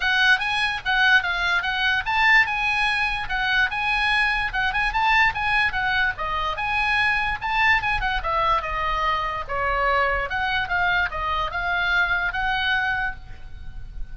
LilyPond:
\new Staff \with { instrumentName = "oboe" } { \time 4/4 \tempo 4 = 146 fis''4 gis''4 fis''4 f''4 | fis''4 a''4 gis''2 | fis''4 gis''2 fis''8 gis''8 | a''4 gis''4 fis''4 dis''4 |
gis''2 a''4 gis''8 fis''8 | e''4 dis''2 cis''4~ | cis''4 fis''4 f''4 dis''4 | f''2 fis''2 | }